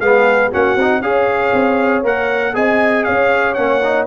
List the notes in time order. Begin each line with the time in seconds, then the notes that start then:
0.00 G#3 B3 G#4 F5
0.50 A#3 C#4 F#4 F#5
0.76 C4 D#4
1.01 C#4 G#4 C#5 F5
1.53 C4
2.04 A#3 A#4 F#5
2.54 C4 G#4 D#5 G#5
3.04 C#4 C#5 F5
3.54 A#3 C#4 F#5
3.83 D#4